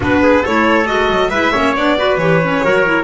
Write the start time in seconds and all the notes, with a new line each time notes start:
0.00 B3 D4 F#4 B4
0.23 G#4
0.42 A3 E4 A4 C#5
0.85 G#3 F#4 D#5
1.09 F#3
1.29 G#3 E4 B4 E5
1.51 A#3 C#4 C#5
1.75 B3 D4 D5
1.97 F#4 B4
2.17 E3 G4 C#5
2.42 C#4
2.64 F#3 F#4 A#4
2.85 E4